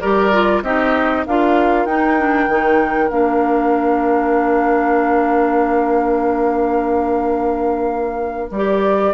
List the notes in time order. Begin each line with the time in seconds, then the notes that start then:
0.00 G3 G4 A#4 D5
0.32 F4
0.62 C4 D#4 G4 D#5
1.26 D4 F4 A#4 F5
1.85 D#4 G5
2.18 D4
2.48 D#3 D#4
3.09 A#3 D4 F5
8.50 G3 G4 D5